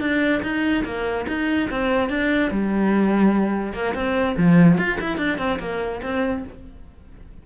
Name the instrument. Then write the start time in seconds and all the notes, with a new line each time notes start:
cello
0.00 D4
0.42 D#4
0.85 A#3
1.28 D#4
1.70 C4
2.09 D4
2.51 G3
3.73 A#3
3.94 C4
4.37 F3
4.78 F4
5.00 E4
5.17 D4
5.38 C4
5.59 A#3
6.02 C4